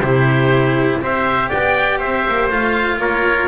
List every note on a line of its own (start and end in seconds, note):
0.00 0.99 C3
0.00 1.02 E4
0.00 1.01 G4
0.00 0.99 C5
1.01 1.51 C4
1.01 2.50 G4
1.01 1.49 C5
1.01 1.50 E5
1.49 2.02 B3
1.49 1.99 D5
1.49 2.00 G5
1.99 2.27 C4
1.99 2.98 C5
1.99 2.49 E5
2.29 2.51 A#3
2.51 2.98 A3
2.51 3.49 F4
2.51 3.00 F5
2.98 3.48 A#3
2.98 3.49 A#4
2.98 3.49 C#5